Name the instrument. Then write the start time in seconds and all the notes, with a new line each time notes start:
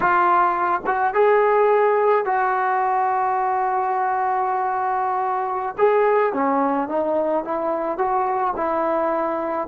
trombone
0.00 F4
0.86 F#4
1.13 G#4
2.25 F#4
5.78 G#4
6.33 C#4
6.88 D#4
7.44 E4
7.98 F#4
8.56 E4